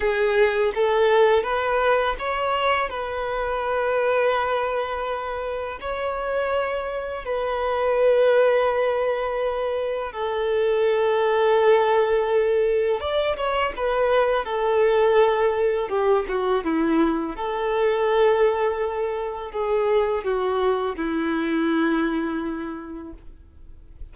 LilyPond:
\new Staff \with { instrumentName = "violin" } { \time 4/4 \tempo 4 = 83 gis'4 a'4 b'4 cis''4 | b'1 | cis''2 b'2~ | b'2 a'2~ |
a'2 d''8 cis''8 b'4 | a'2 g'8 fis'8 e'4 | a'2. gis'4 | fis'4 e'2. | }